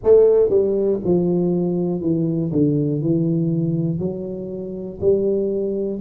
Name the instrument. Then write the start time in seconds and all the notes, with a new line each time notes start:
tuba
0.03 A3
0.50 G3
1.04 F3
2.00 E3
2.52 D3
3.01 E3
3.99 F#3
5.00 G3